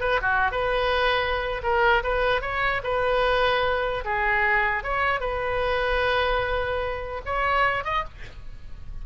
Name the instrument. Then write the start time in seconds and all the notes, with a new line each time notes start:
oboe
0.00 B4
0.21 F#4
0.51 B4
1.62 A#4
2.03 B4
2.41 C#5
2.83 B4
4.04 G#4
4.83 C#5
5.20 B4
7.25 C#5
7.84 D#5